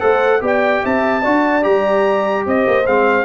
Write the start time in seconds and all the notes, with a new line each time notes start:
0.00 A3 A4 C5 F#5
0.41 B3 G4 D5 G5
0.84 C4 E5 A5
1.22 D4 F#4 D5
1.63 G3 G4 A#5
2.46 C4 C5 D#5
2.67 A#3
2.86 G#3 C4 F5